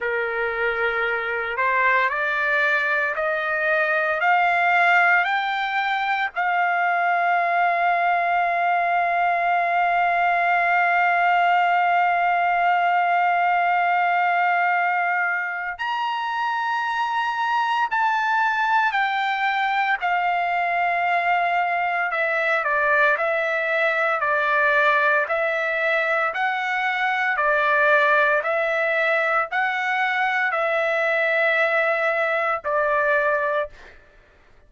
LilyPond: \new Staff \with { instrumentName = "trumpet" } { \time 4/4 \tempo 4 = 57 ais'4. c''8 d''4 dis''4 | f''4 g''4 f''2~ | f''1~ | f''2. ais''4~ |
ais''4 a''4 g''4 f''4~ | f''4 e''8 d''8 e''4 d''4 | e''4 fis''4 d''4 e''4 | fis''4 e''2 d''4 | }